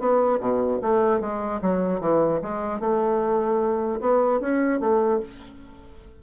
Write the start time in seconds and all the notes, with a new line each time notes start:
0.00 B3
0.41 B2
0.82 A3
1.21 G#3
1.62 F#3
2.01 E3
2.43 G#3
2.81 A3
4.01 B3
4.41 C#4
4.81 A3